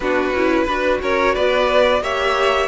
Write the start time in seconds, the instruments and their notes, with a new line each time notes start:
0.00 cello B3, viola D4, violin F#4 B4
0.33 cello C#4, viola E4
0.64 cello D4, viola F#4, violin B4
1.02 cello C#4, violin A#4 C#5
1.34 cello B3, violin B4 D5
2.00 cello A#3, viola G4, violin C#5 E5